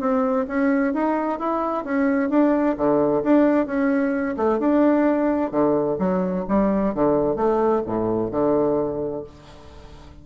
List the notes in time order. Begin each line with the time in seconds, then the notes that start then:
0.00 C4
0.48 C#4
0.94 D#4
1.40 E4
1.84 C#4
2.30 D4
2.77 D3
3.24 D4
3.66 C#4
4.37 A3
4.59 D4
5.51 D3
5.99 F#3
6.49 G3
6.94 D3
7.36 A3
7.86 A2
8.32 D3